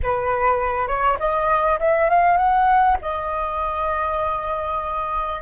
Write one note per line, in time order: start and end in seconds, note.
0.02 0.87 B4
0.87 1.17 C#5
1.19 1.79 D#5
1.79 2.09 E5
2.09 2.37 F5
2.37 2.97 F#5
3.01 5.41 D#5